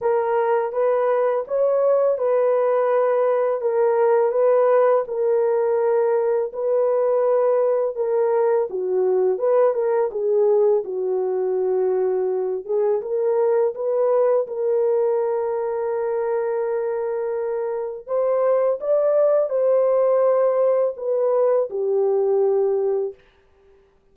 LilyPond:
\new Staff \with { instrumentName = "horn" } { \time 4/4 \tempo 4 = 83 ais'4 b'4 cis''4 b'4~ | b'4 ais'4 b'4 ais'4~ | ais'4 b'2 ais'4 | fis'4 b'8 ais'8 gis'4 fis'4~ |
fis'4. gis'8 ais'4 b'4 | ais'1~ | ais'4 c''4 d''4 c''4~ | c''4 b'4 g'2 | }